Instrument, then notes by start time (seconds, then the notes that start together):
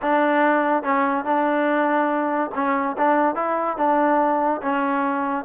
trombone
0.02 D4
0.83 C#4
1.24 D4
2.54 C#4
2.97 D4
3.35 E4
3.77 D4
4.62 C#4